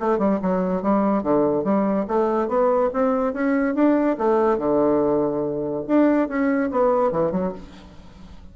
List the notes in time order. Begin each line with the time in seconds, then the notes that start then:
0.00 A3
0.19 G3
0.42 F#3
0.83 G3
1.23 D3
1.64 G3
2.08 A3
2.49 B3
2.94 C4
3.34 C#4
3.75 D4
4.18 A3
4.58 D3
5.88 D4
6.29 C#4
6.72 B3
7.12 E3
7.32 F#3